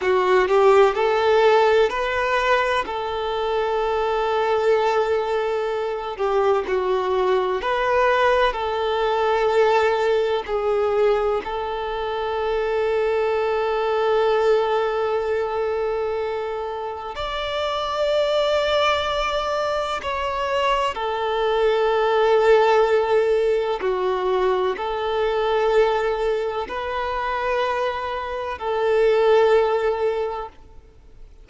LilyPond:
\new Staff \with { instrumentName = "violin" } { \time 4/4 \tempo 4 = 63 fis'8 g'8 a'4 b'4 a'4~ | a'2~ a'8 g'8 fis'4 | b'4 a'2 gis'4 | a'1~ |
a'2 d''2~ | d''4 cis''4 a'2~ | a'4 fis'4 a'2 | b'2 a'2 | }